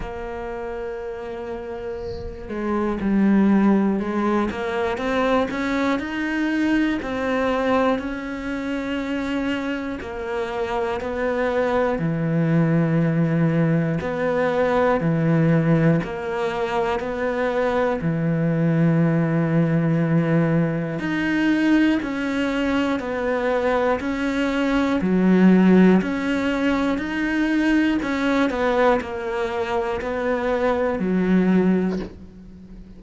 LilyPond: \new Staff \with { instrumentName = "cello" } { \time 4/4 \tempo 4 = 60 ais2~ ais8 gis8 g4 | gis8 ais8 c'8 cis'8 dis'4 c'4 | cis'2 ais4 b4 | e2 b4 e4 |
ais4 b4 e2~ | e4 dis'4 cis'4 b4 | cis'4 fis4 cis'4 dis'4 | cis'8 b8 ais4 b4 fis4 | }